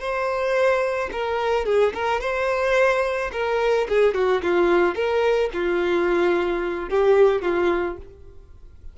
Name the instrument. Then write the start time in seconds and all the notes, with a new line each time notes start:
violin
0.00 C5
1.13 A#4
1.66 G#4
1.94 A#4
2.21 C5
3.33 A#4
3.89 G#4
4.15 F#4
4.43 F4
4.95 A#4
5.54 F4
6.90 G4
7.42 F4